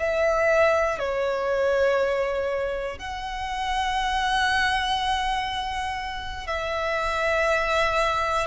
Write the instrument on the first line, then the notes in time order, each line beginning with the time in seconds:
violin
0.00 E5
0.99 C#5
2.99 F#5
6.47 E5